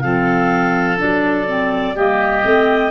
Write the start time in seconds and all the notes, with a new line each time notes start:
0.00 F3 C4 A4 F5
0.97 F#3 D4 D5
1.47 C4
1.95 G3 A#3 G4 D#5
2.42 A3 C4